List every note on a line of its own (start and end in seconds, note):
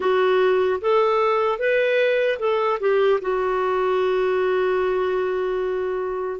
0.00 0.80 F#4
0.81 1.59 A4
1.59 2.39 B4
2.39 2.79 A4
2.80 3.20 G4
3.21 6.40 F#4